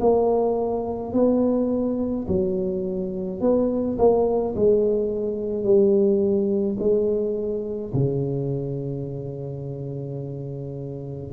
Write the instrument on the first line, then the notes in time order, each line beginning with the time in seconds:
tuba
0.00 A#3
1.13 B3
2.27 F#3
3.40 B3
3.98 A#3
4.55 G#3
5.63 G3
6.79 G#3
7.93 C#3